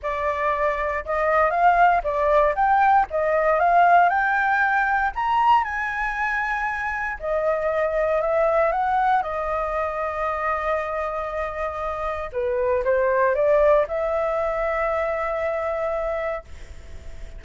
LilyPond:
\new Staff \with { instrumentName = "flute" } { \time 4/4 \tempo 4 = 117 d''2 dis''4 f''4 | d''4 g''4 dis''4 f''4 | g''2 ais''4 gis''4~ | gis''2 dis''2 |
e''4 fis''4 dis''2~ | dis''1 | b'4 c''4 d''4 e''4~ | e''1 | }